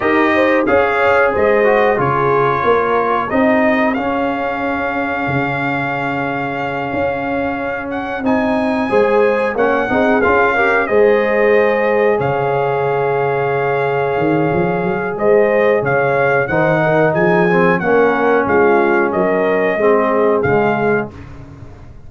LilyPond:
<<
  \new Staff \with { instrumentName = "trumpet" } { \time 4/4 \tempo 4 = 91 dis''4 f''4 dis''4 cis''4~ | cis''4 dis''4 f''2~ | f''1 | fis''8 gis''2 fis''4 f''8~ |
f''8 dis''2 f''4.~ | f''2. dis''4 | f''4 fis''4 gis''4 fis''4 | f''4 dis''2 f''4 | }
  \new Staff \with { instrumentName = "horn" } { \time 4/4 ais'8 c''8 cis''4 c''4 gis'4 | ais'4 gis'2.~ | gis'1~ | gis'4. c''4 cis''8 gis'4 |
ais'8 c''2 cis''4.~ | cis''2. c''4 | cis''4 c''8 ais'8 gis'4 ais'4 | f'4 ais'4 gis'2 | }
  \new Staff \with { instrumentName = "trombone" } { \time 4/4 g'4 gis'4. fis'8 f'4~ | f'4 dis'4 cis'2~ | cis'1~ | cis'8 dis'4 gis'4 cis'8 dis'8 f'8 |
g'8 gis'2.~ gis'8~ | gis'1~ | gis'4 dis'4. c'8 cis'4~ | cis'2 c'4 gis4 | }
  \new Staff \with { instrumentName = "tuba" } { \time 4/4 dis'4 cis'4 gis4 cis4 | ais4 c'4 cis'2 | cis2~ cis8 cis'4.~ | cis'8 c'4 gis4 ais8 c'8 cis'8~ |
cis'8 gis2 cis4.~ | cis4. dis8 f8 fis8 gis4 | cis4 dis4 f4 ais4 | gis4 fis4 gis4 cis4 | }
>>